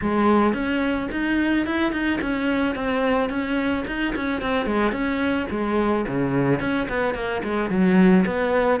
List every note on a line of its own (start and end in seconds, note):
0.01 0.53 G#3
0.53 1.08 C#4
1.11 1.66 D#4
1.66 1.92 E4
1.92 2.19 D#4
2.21 2.75 C#4
2.75 3.29 C4
3.29 3.84 C#4
3.87 4.14 D#4
4.15 4.41 C#4
4.41 4.66 C4
4.66 4.91 G#3
4.91 5.46 C#4
5.50 6.05 G#3
6.07 6.60 C#3
6.60 6.87 C#4
6.88 7.14 B3
7.14 7.42 A#3
7.43 7.69 G#3
7.69 8.24 F#3
8.25 8.80 B3